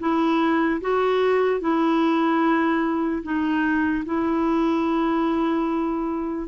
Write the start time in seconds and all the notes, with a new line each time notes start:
0.00 E4
0.81 F#4
1.61 E4
3.23 D#4
4.06 E4